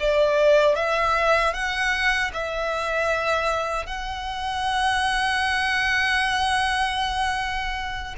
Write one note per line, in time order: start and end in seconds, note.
0.00 0.75 D5
0.75 1.54 E5
1.54 2.31 F#5
2.34 3.86 E5
3.86 8.15 F#5